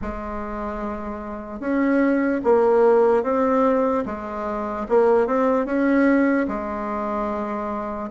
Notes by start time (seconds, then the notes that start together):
0.01 G#3
1.60 C#4
2.44 A#3
3.23 C4
4.05 G#3
4.89 A#3
5.26 C4
5.65 C#4
6.48 G#3